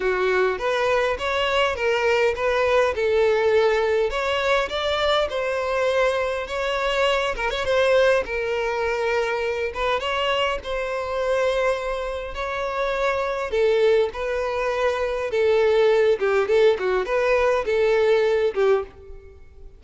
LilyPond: \new Staff \with { instrumentName = "violin" } { \time 4/4 \tempo 4 = 102 fis'4 b'4 cis''4 ais'4 | b'4 a'2 cis''4 | d''4 c''2 cis''4~ | cis''8 ais'16 cis''16 c''4 ais'2~ |
ais'8 b'8 cis''4 c''2~ | c''4 cis''2 a'4 | b'2 a'4. g'8 | a'8 fis'8 b'4 a'4. g'8 | }